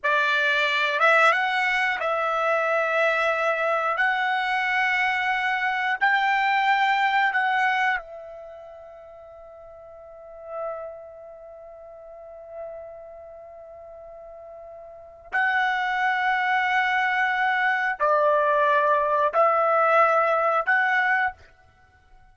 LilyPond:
\new Staff \with { instrumentName = "trumpet" } { \time 4/4 \tempo 4 = 90 d''4. e''8 fis''4 e''4~ | e''2 fis''2~ | fis''4 g''2 fis''4 | e''1~ |
e''1~ | e''2. fis''4~ | fis''2. d''4~ | d''4 e''2 fis''4 | }